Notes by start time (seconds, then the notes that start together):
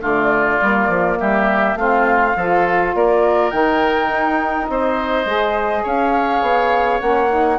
0.00 D3 A3 F4 D5
0.62 G3 A#3
0.88 F3
1.20 G3 G4 E5
1.75 A3 C4 F4 F5
2.36 F3 F4 A4
2.95 A#3 A#4 D5
3.51 D#3 D#4 G5
4.09 D#4
4.69 C4 C5 D#5
5.25 G#3 G#4
5.83 C#4 C#5 F5
6.42 B3
7.00 A#3 C#4 F#5
7.31 D#4